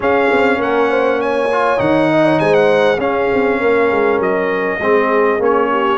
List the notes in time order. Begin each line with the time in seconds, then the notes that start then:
0.00 C#4 G#4 F5
0.32 C4
0.57 A#3 A#4 F#5
0.89 C5
1.21 C#5 G#5
1.52 F4
1.77 D#3 D#4 F#5
2.12 D#5
2.24 C#5
2.39 G#3 C5 G#5
2.54 F#5
2.98 C#4 G#4 F5
3.32 C4
3.59 A#3 A#4
3.91 G#3
4.19 F#3 D#5
4.80 G#3 C4 G#4
5.39 A#3 C#4 C#5
5.70 G4